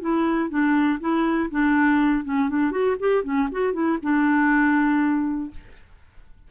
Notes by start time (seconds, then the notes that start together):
0.00 E4
0.49 D4
1.00 E4
1.51 D4
2.24 C#4
2.49 D4
2.71 F#4
2.99 G4
3.23 C#4
3.51 F#4
3.73 E4
4.02 D4